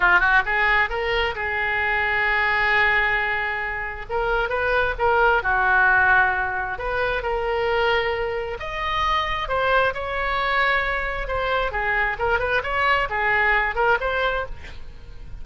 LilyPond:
\new Staff \with { instrumentName = "oboe" } { \time 4/4 \tempo 4 = 133 f'8 fis'8 gis'4 ais'4 gis'4~ | gis'1~ | gis'4 ais'4 b'4 ais'4 | fis'2. b'4 |
ais'2. dis''4~ | dis''4 c''4 cis''2~ | cis''4 c''4 gis'4 ais'8 b'8 | cis''4 gis'4. ais'8 c''4 | }